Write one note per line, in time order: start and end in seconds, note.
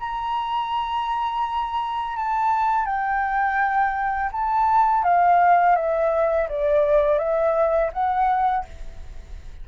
0.00 2.17 A#5
2.17 2.86 A5
2.86 4.31 G5
4.32 5.04 A5
5.04 5.76 F5
5.76 6.49 E5
6.49 7.19 D5
7.19 7.91 E5
7.93 8.65 F#5